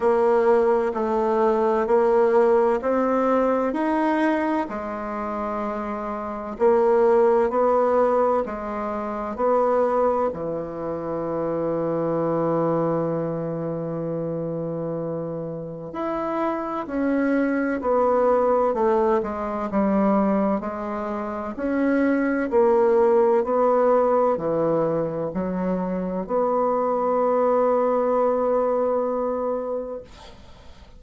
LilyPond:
\new Staff \with { instrumentName = "bassoon" } { \time 4/4 \tempo 4 = 64 ais4 a4 ais4 c'4 | dis'4 gis2 ais4 | b4 gis4 b4 e4~ | e1~ |
e4 e'4 cis'4 b4 | a8 gis8 g4 gis4 cis'4 | ais4 b4 e4 fis4 | b1 | }